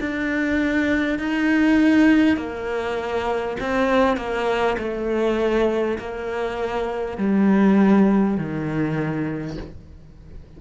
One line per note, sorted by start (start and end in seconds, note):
0.00 1.19 D4
1.19 2.37 D#4
2.37 3.57 A#3
3.60 4.17 C4
4.17 4.77 A#3
4.78 5.98 A3
5.99 7.17 A#3
7.17 8.37 G3
8.37 9.57 D#3